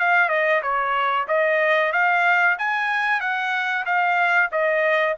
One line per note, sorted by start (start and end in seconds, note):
0.00 0.29 F5
0.29 0.61 D#5
0.62 1.27 C#5
1.28 1.92 D#5
1.93 2.57 F5
2.59 3.21 G#5
3.21 3.85 F#5
3.86 4.50 F5
4.52 5.16 D#5